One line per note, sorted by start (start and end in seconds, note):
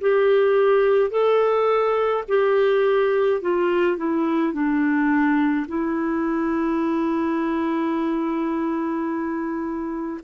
0.00 1.10 G4
1.10 2.23 A4
2.28 3.41 G4
3.41 3.97 F4
3.97 4.52 E4
4.52 5.66 D4
5.68 10.20 E4